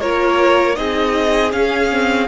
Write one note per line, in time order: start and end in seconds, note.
0.00 0.77 A#3
0.00 0.75 F4
0.00 0.76 A#4
0.00 0.75 C#5
0.75 1.53 C4
0.75 1.50 D#4
0.75 2.27 G#4
0.75 1.51 D#5
1.52 1.90 C#4
1.52 2.27 C#4
1.52 2.27 F5
1.91 2.27 C4